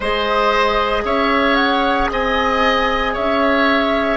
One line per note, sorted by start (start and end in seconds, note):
0.00 1.04 G#3
0.00 4.16 G#4
0.00 1.02 C5
0.00 1.05 D#5
1.04 2.09 C#4
1.04 2.10 C#5
1.04 1.55 E5
1.55 2.07 F#5
2.11 3.16 C4
2.11 3.13 D#5
2.11 3.15 G#5
3.13 4.16 C#4
3.13 4.16 C#5
3.13 4.16 E5